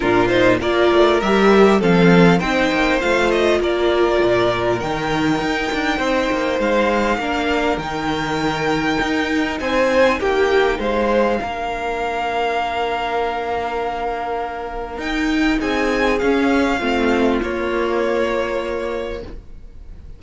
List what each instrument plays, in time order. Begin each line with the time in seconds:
0.00 cello A#2, viola D4, violin F4 A#4
0.28 viola D#4, violin C5
0.60 cello A#3, viola F4, violin A#4 D5
0.93 cello A3
1.20 cello G3, viola G4, violin E5
1.79 cello F3, viola C4, violin A4 F5
2.39 cello C4, viola D#4, violin C5 G5
2.72 cello A#3
3.00 cello A3, viola F4, violin F5
3.31 violin D#5
3.60 cello A#3, violin A#4 D5
4.23 cello A#2
4.79 cello D#3, viola D#4, violin G5
5.41 cello D#4
5.72 cello D4
5.97 cello C4, violin C5
6.32 cello A#3
6.59 cello G#3, violin F5
7.17 cello A#3, viola D4, violin A#4
7.77 cello D#3, viola D#4, violin G5
9.01 cello D#4
9.60 cello C4, violin C5 G#5
10.20 cello A#3, violin G4 G5
10.79 cello G#3, violin C5 F5
11.40 cello A#3, viola D4, violin A#4
14.97 cello D#4, viola D#4, violin G5
15.58 cello C4, violin G#4 G#5
16.18 viola C#4, cello C#4, violin F5
16.78 cello A3, viola C4, violin F4
17.42 viola A#3, cello A#3, violin C#5